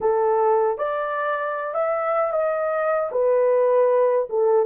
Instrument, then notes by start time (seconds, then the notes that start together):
horn
0.00 A4
0.78 D5
1.74 E5
2.32 D#5
3.11 B4
4.29 A4